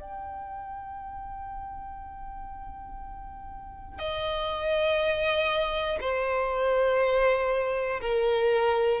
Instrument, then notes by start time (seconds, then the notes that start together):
violin
0.00 G5
3.99 D#5
6.00 C5
8.00 A#4